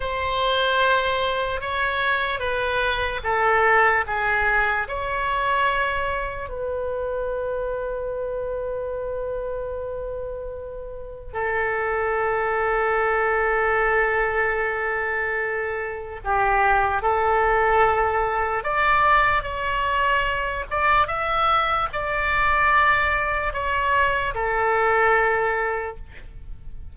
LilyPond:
\new Staff \with { instrumentName = "oboe" } { \time 4/4 \tempo 4 = 74 c''2 cis''4 b'4 | a'4 gis'4 cis''2 | b'1~ | b'2 a'2~ |
a'1 | g'4 a'2 d''4 | cis''4. d''8 e''4 d''4~ | d''4 cis''4 a'2 | }